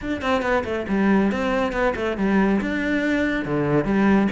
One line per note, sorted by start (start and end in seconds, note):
0.01 0.21 D4
0.21 0.42 C4
0.42 0.63 B3
0.64 0.86 A3
0.88 1.31 G3
1.31 1.72 C4
1.72 1.94 B3
1.95 2.17 A3
2.17 2.60 G3
2.60 3.45 D4
3.45 3.84 D3
3.84 4.28 G3